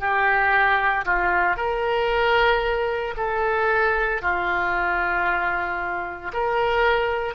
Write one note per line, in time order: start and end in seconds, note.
0.00 1.05 G4
1.06 1.57 F4
1.57 3.15 A#4
3.17 4.22 A4
4.22 6.33 F4
6.33 7.35 A#4